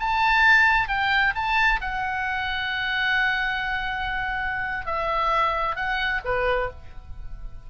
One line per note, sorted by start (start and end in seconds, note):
0.00 0.88 A5
0.88 1.34 G5
1.35 1.80 A5
1.81 4.86 F#5
4.86 5.76 E5
5.76 6.21 F#5
6.25 6.70 B4